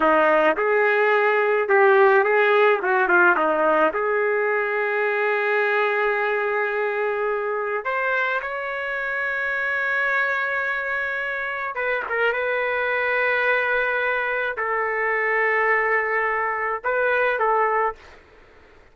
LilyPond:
\new Staff \with { instrumentName = "trumpet" } { \time 4/4 \tempo 4 = 107 dis'4 gis'2 g'4 | gis'4 fis'8 f'8 dis'4 gis'4~ | gis'1~ | gis'2 c''4 cis''4~ |
cis''1~ | cis''4 b'8 ais'8 b'2~ | b'2 a'2~ | a'2 b'4 a'4 | }